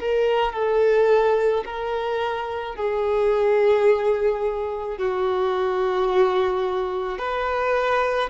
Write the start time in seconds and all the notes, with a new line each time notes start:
0.00 A#4
0.53 A4
1.65 A#4
2.76 G#4
4.98 F#4
7.19 B4